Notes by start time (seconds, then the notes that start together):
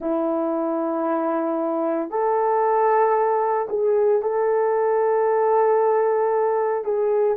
0.00 E4
2.10 A4
3.69 G#4
4.22 A4
6.84 G#4